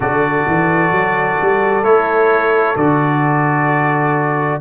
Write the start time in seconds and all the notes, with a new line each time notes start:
0.00 D3 F#4 A4 D5
0.47 E3
0.91 F#3
1.41 G3
1.83 A3 E4 C#5
2.76 D3 F#4 D5